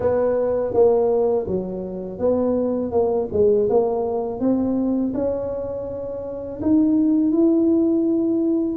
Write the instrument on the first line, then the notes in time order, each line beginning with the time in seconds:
tuba
0.00 B3
0.73 A#3
1.46 F#3
2.19 B3
2.91 A#3
3.32 G#3
3.69 A#3
4.39 C4
5.14 C#4
6.61 D#4
7.31 E4